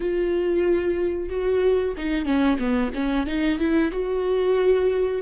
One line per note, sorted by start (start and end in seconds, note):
0.00 1.29 F4
1.29 1.94 F#4
1.97 2.25 D#4
2.25 2.57 C#4
2.58 2.91 B3
2.94 3.26 C#4
3.26 3.58 D#4
3.59 3.91 E4
3.91 5.21 F#4